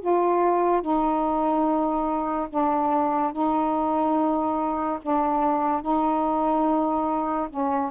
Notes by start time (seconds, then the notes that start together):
0.00 F4
0.81 D#4
2.50 D4
3.32 D#4
5.02 D4
5.81 D#4
7.50 C#4